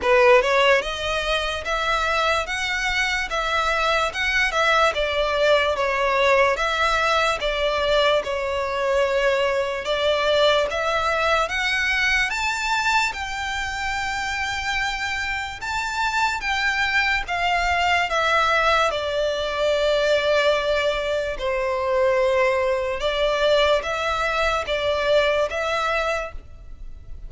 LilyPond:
\new Staff \with { instrumentName = "violin" } { \time 4/4 \tempo 4 = 73 b'8 cis''8 dis''4 e''4 fis''4 | e''4 fis''8 e''8 d''4 cis''4 | e''4 d''4 cis''2 | d''4 e''4 fis''4 a''4 |
g''2. a''4 | g''4 f''4 e''4 d''4~ | d''2 c''2 | d''4 e''4 d''4 e''4 | }